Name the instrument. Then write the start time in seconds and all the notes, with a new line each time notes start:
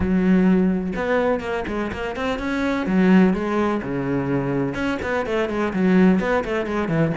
cello
0.00 F#3
0.95 B3
1.40 A#3
1.67 G#3
1.92 A#3
2.16 C4
2.38 C#4
2.86 F#3
3.33 G#3
3.82 C#3
4.74 C#4
5.02 B3
5.26 A3
5.49 G#3
5.73 F#3
6.20 B3
6.44 A3
6.66 G#3
6.88 E3